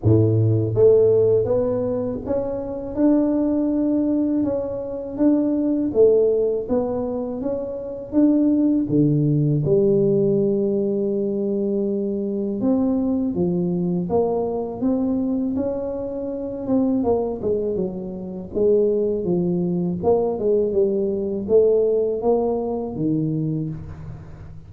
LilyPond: \new Staff \with { instrumentName = "tuba" } { \time 4/4 \tempo 4 = 81 a,4 a4 b4 cis'4 | d'2 cis'4 d'4 | a4 b4 cis'4 d'4 | d4 g2.~ |
g4 c'4 f4 ais4 | c'4 cis'4. c'8 ais8 gis8 | fis4 gis4 f4 ais8 gis8 | g4 a4 ais4 dis4 | }